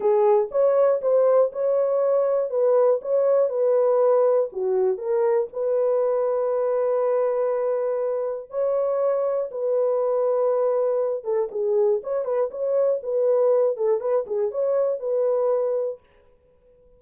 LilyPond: \new Staff \with { instrumentName = "horn" } { \time 4/4 \tempo 4 = 120 gis'4 cis''4 c''4 cis''4~ | cis''4 b'4 cis''4 b'4~ | b'4 fis'4 ais'4 b'4~ | b'1~ |
b'4 cis''2 b'4~ | b'2~ b'8 a'8 gis'4 | cis''8 b'8 cis''4 b'4. a'8 | b'8 gis'8 cis''4 b'2 | }